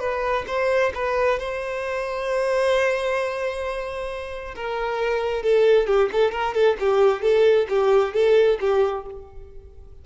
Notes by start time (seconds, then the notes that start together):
0.00 B4
0.48 C5
0.95 B4
1.40 C5
4.56 A#4
5.43 A4
5.87 G4
6.12 A4
6.32 A#4
6.55 A4
6.80 G4
7.23 A4
7.70 G4
8.14 A4
8.61 G4